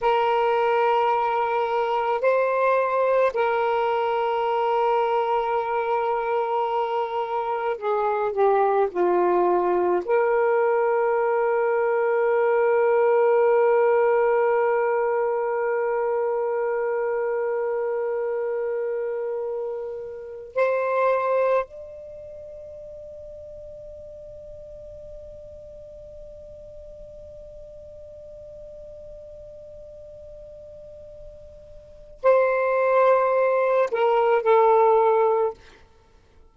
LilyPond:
\new Staff \with { instrumentName = "saxophone" } { \time 4/4 \tempo 4 = 54 ais'2 c''4 ais'4~ | ais'2. gis'8 g'8 | f'4 ais'2.~ | ais'1~ |
ais'2~ ais'8 c''4 d''8~ | d''1~ | d''1~ | d''4 c''4. ais'8 a'4 | }